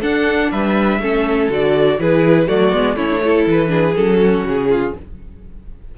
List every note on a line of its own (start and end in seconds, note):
0.00 0.99 D4
0.00 0.52 D4
0.00 0.49 A4
0.00 0.51 F#5
0.51 0.99 G3
0.51 1.01 B4
0.51 1.49 E5
0.99 1.48 A3
0.99 1.51 C#4
0.99 2.00 A4
1.49 1.98 D3
1.49 1.99 F#4
1.49 2.00 D5
1.99 2.48 E3
1.99 2.48 E4
1.99 2.47 G#4
1.99 2.48 B4
2.47 2.72 F#3
2.47 2.72 A3
2.47 2.96 F#4
2.47 2.96 D5
2.72 2.96 G#3
2.72 2.96 B3
2.96 3.45 A3
2.96 3.09 C#4
2.96 3.20 E4
2.96 3.45 C#5
3.10 3.22 D4
3.23 3.67 E4
3.23 3.70 A4
3.46 3.96 E3
3.46 3.95 B4
3.67 3.92 D4
3.67 4.19 G#4
3.95 4.43 F#3
3.95 4.95 C#4
3.95 4.44 A4
4.19 4.69 F#4
4.43 4.92 C#3
4.43 4.97 G#4
4.70 4.94 F4